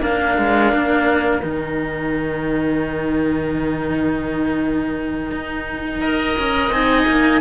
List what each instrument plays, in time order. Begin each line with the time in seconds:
0.00 cello A#3 D4, oboe A#4, clarinet F5
0.38 cello G#3
0.73 cello A#3
1.43 cello D#3 D#4, clarinet G5
5.31 cello D#4
6.01 cello A#4, oboe D#5
6.39 cello C#4
6.70 cello C4 D#4, clarinet G#5
7.07 cello A#3